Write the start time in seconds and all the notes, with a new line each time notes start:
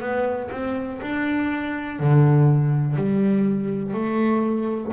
0.00 B3
0.51 C4
1.01 D4
1.99 D3
2.96 G3
3.93 A3